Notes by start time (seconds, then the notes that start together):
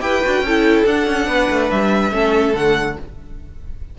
0.00 E4 G4 B4 G5
0.23 D4 F#4
0.41 C#4 E4 A4
0.85 D4 F#5
1.06 C#4
1.27 B3 B4
1.49 A3
1.70 G3 E5
2.11 A3 C#4 A4
2.54 D3 A3 F#5